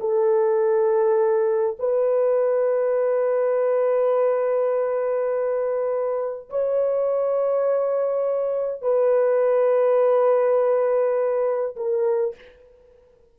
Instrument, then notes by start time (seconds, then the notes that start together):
horn
0.00 A4
1.79 B4
6.50 C#5
8.81 B4
11.76 A#4